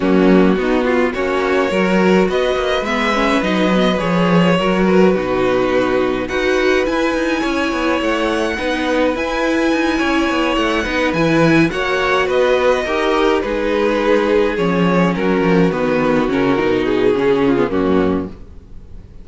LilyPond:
<<
  \new Staff \with { instrumentName = "violin" } { \time 4/4 \tempo 4 = 105 fis'2 cis''2 | dis''4 e''4 dis''4 cis''4~ | cis''8 b'2~ b'8 fis''4 | gis''2 fis''2 |
gis''2~ gis''8 fis''4 gis''8~ | gis''8 fis''4 dis''2 b'8~ | b'4. cis''4 ais'4 b'8~ | b'8 ais'4 gis'4. fis'4 | }
  \new Staff \with { instrumentName = "violin" } { \time 4/4 cis'4 dis'8 f'8 fis'4 ais'4 | b'1 | ais'4 fis'2 b'4~ | b'4 cis''2 b'4~ |
b'4. cis''4. b'4~ | b'8 cis''4 b'4 ais'4 gis'8~ | gis'2~ gis'8 fis'4.~ | fis'2~ fis'8 f'8 cis'4 | }
  \new Staff \with { instrumentName = "viola" } { \time 4/4 ais4 b4 cis'4 fis'4~ | fis'4 b8 cis'8 dis'8 b8 gis'4 | fis'4 dis'2 fis'4 | e'2. dis'4 |
e'2. dis'8 e'8~ | e'8 fis'2 g'4 dis'8~ | dis'4. cis'2 b8~ | b8 cis'8 dis'4 cis'8. b16 ais4 | }
  \new Staff \with { instrumentName = "cello" } { \time 4/4 fis4 b4 ais4 fis4 | b8 ais8 gis4 fis4 f4 | fis4 b,2 dis'4 | e'8 dis'8 cis'8 b8 a4 b4 |
e'4 dis'8 cis'8 b8 a8 b8 e8~ | e8 ais4 b4 dis'4 gis8~ | gis4. f4 fis8 f8 dis8~ | dis8 cis8 b,4 cis4 fis,4 | }
>>